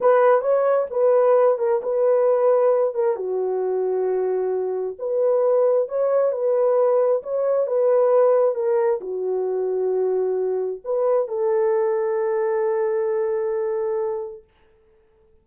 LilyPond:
\new Staff \with { instrumentName = "horn" } { \time 4/4 \tempo 4 = 133 b'4 cis''4 b'4. ais'8 | b'2~ b'8 ais'8 fis'4~ | fis'2. b'4~ | b'4 cis''4 b'2 |
cis''4 b'2 ais'4 | fis'1 | b'4 a'2.~ | a'1 | }